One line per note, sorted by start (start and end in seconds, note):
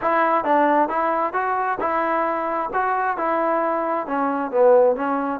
0.01 0.44 E4
0.44 0.88 D4
0.88 1.33 E4
1.33 1.78 F#4
1.79 2.70 E4
2.73 3.17 F#4
3.17 4.06 E4
4.06 4.51 C#4
4.51 4.96 B3
4.96 5.40 C#4